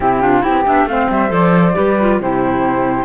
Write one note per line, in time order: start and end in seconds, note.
0.00 0.43 C3
0.00 0.21 C4
0.00 0.22 E4
0.00 0.41 G4
0.21 0.41 D4
0.21 0.43 F4
0.41 0.66 B3
0.41 0.66 C4
0.41 0.63 E4
0.41 0.87 G4
0.66 0.85 B3
0.66 0.88 D4
0.66 0.88 E5
0.85 1.07 A3
0.85 1.28 C4
0.85 1.10 F5
0.91 1.75 C5
1.09 1.30 G3
1.09 1.32 E5
1.28 1.74 F3
1.28 1.72 A4
1.28 2.20 D5
1.73 2.20 G3
1.73 1.95 G4
1.73 2.20 B4
2.00 2.21 F4
2.20 3.05 C3
2.20 3.05 E4
2.20 3.05 G4
2.20 3.05 C5